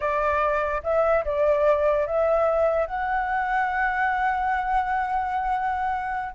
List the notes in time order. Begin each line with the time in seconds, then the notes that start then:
0.00 D5
0.83 E5
1.24 D5
2.06 E5
2.86 F#5